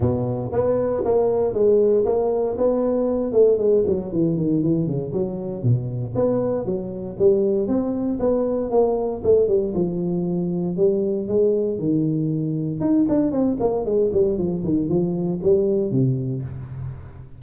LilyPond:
\new Staff \with { instrumentName = "tuba" } { \time 4/4 \tempo 4 = 117 b,4 b4 ais4 gis4 | ais4 b4. a8 gis8 fis8 | e8 dis8 e8 cis8 fis4 b,4 | b4 fis4 g4 c'4 |
b4 ais4 a8 g8 f4~ | f4 g4 gis4 dis4~ | dis4 dis'8 d'8 c'8 ais8 gis8 g8 | f8 dis8 f4 g4 c4 | }